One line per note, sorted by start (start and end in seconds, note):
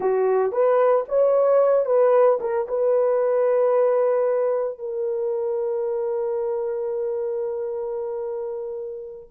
0.00 0.51 F#4
0.51 1.05 B4
1.08 1.85 C#5
1.85 2.38 B4
2.40 2.67 A#4
2.68 4.78 B4
4.78 9.29 A#4